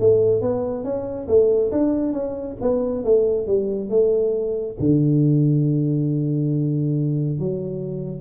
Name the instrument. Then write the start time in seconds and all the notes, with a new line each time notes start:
tuba
0.00 A3
0.42 B3
0.84 C#4
1.28 A3
1.72 D4
2.13 C#4
2.61 B3
3.05 A3
3.47 G3
3.90 A3
4.80 D3
7.40 F#3